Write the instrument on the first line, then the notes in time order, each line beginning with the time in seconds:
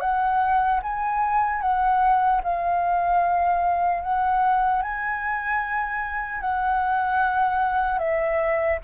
flute
0.00 F#5
0.82 G#5
1.61 F#5
2.43 F5
4.02 F#5
4.82 G#5
6.41 F#5
7.98 E5